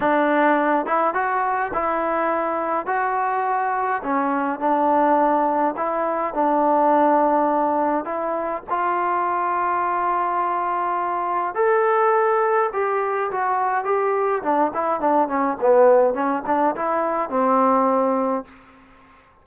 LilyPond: \new Staff \with { instrumentName = "trombone" } { \time 4/4 \tempo 4 = 104 d'4. e'8 fis'4 e'4~ | e'4 fis'2 cis'4 | d'2 e'4 d'4~ | d'2 e'4 f'4~ |
f'1 | a'2 g'4 fis'4 | g'4 d'8 e'8 d'8 cis'8 b4 | cis'8 d'8 e'4 c'2 | }